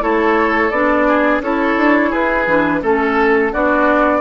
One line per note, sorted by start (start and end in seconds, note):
0.00 0.70 A3
0.00 0.70 E4
0.00 1.07 A4
0.00 0.70 C#5
0.70 1.40 B3
0.70 1.42 D4
0.70 1.40 D5
1.07 1.42 G#4
1.40 1.75 C#4
1.40 2.47 E4
1.40 2.10 A4
1.40 2.12 C#5
1.77 2.11 D4
2.10 2.46 E4
2.10 2.79 G#4
2.10 2.82 B4
2.46 2.81 E3
2.46 2.82 D4
2.82 3.52 A3
2.82 3.52 C#4
2.82 3.52 A4
2.82 3.53 A4
3.52 4.20 B3
3.52 4.20 D4
3.52 4.20 F#4
3.52 4.20 D5